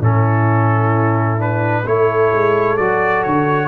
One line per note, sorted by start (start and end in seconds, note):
0.00 1.85 A2
0.00 1.38 C#4
0.00 1.85 E4
0.00 1.41 A4
1.38 1.84 D4
1.38 1.87 B4
1.85 2.33 A3
1.85 2.78 E4
1.85 3.68 A4
1.85 2.77 C#5
2.33 2.79 G#3
2.77 3.26 F#3
2.77 3.68 F#4
2.77 3.23 D5
3.23 3.68 D3
3.23 3.68 C#5